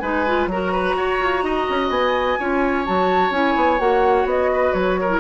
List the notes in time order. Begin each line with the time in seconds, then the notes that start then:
0.00 G#3 D#4 B4 G#5
0.27 F4
0.47 F#3 F#4 A#5
0.53 A#4
0.72 B4
0.97 F#4 C#5
1.20 F4
1.43 D#4 D#5
1.70 C#4
1.90 B3 G#5
2.39 C#4 F4 C#5
2.85 F#3 F#4 A5
3.31 C#4 E4 G#5
3.56 B3
3.79 A#3 F#4 F#5
4.25 B3 D#5
4.53 B4
4.74 F#3 C#5
5.01 A#4
5.09 E4